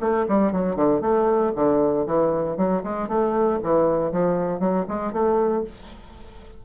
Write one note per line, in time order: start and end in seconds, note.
0.00 0.26 A3
0.28 0.52 G3
0.52 0.76 F#3
0.76 1.01 D3
1.01 1.52 A3
1.55 2.06 D3
2.06 2.57 E3
2.57 2.82 F#3
2.83 3.08 G#3
3.08 3.59 A3
3.63 4.12 E3
4.12 4.60 F3
4.60 4.85 F#3
4.88 5.13 G#3
5.13 5.64 A3